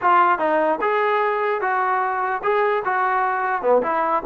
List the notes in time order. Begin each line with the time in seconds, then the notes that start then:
0.01 F4
0.39 D#4
0.81 G#4
1.61 F#4
2.43 G#4
2.84 F#4
3.62 B3
3.82 E4